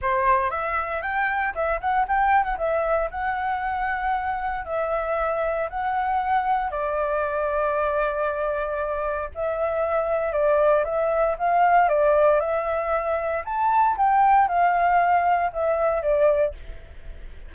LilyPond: \new Staff \with { instrumentName = "flute" } { \time 4/4 \tempo 4 = 116 c''4 e''4 g''4 e''8 fis''8 | g''8. fis''16 e''4 fis''2~ | fis''4 e''2 fis''4~ | fis''4 d''2.~ |
d''2 e''2 | d''4 e''4 f''4 d''4 | e''2 a''4 g''4 | f''2 e''4 d''4 | }